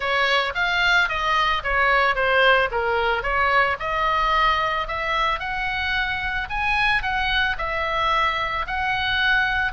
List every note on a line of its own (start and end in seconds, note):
0.00 0.53 C#5
0.54 1.08 F5
1.08 1.62 D#5
1.63 2.15 C#5
2.15 2.69 C5
2.71 3.22 A#4
3.22 3.76 C#5
3.79 4.87 D#5
4.87 5.39 E5
5.39 6.47 F#5
6.49 7.02 G#5
7.02 7.56 F#5
7.57 8.66 E5
8.67 9.72 F#5